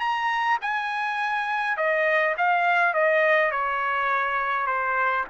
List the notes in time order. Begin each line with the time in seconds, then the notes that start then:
0.00 A#5
0.61 G#5
1.77 D#5
2.38 F5
2.94 D#5
3.51 C#5
4.67 C5